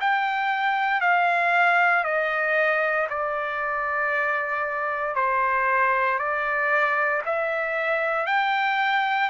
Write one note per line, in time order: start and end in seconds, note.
0.00 1.00 G5
1.00 2.04 F5
2.04 3.07 D#5
3.09 5.15 D5
5.15 6.18 C5
6.18 7.22 D5
7.25 8.26 E5
8.26 9.29 G5